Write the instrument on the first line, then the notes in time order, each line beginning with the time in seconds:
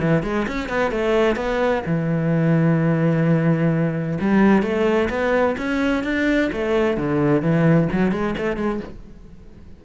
cello
0.00 E3
0.23 G#3
0.47 C#4
0.68 B3
0.91 A3
1.36 B3
1.86 E3
4.20 G3
4.62 A3
5.09 B3
5.58 C#4
6.04 D4
6.52 A3
6.97 D3
7.42 E3
7.92 F#3
8.12 G#3
8.37 A3
8.56 G#3